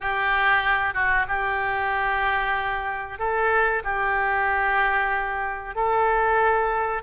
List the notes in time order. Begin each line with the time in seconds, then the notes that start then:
0.00 G4
0.94 F#4
1.28 G4
3.19 A4
3.84 G4
5.75 A4